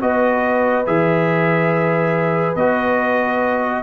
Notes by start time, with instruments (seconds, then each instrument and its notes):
0.00 tuba B3, trombone F#4, horn B4, trumpet D#5
0.86 tuba E3, trombone G#4, trumpet E5
2.55 tuba B3, trombone F#4, trumpet D#5